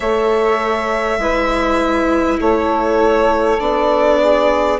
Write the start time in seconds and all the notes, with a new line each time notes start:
0.00 A3 A4 C#5 E5
1.18 G#3 E4 B4
2.39 A3 A4 C#5
3.58 B3 D4 D5
4.19 G#4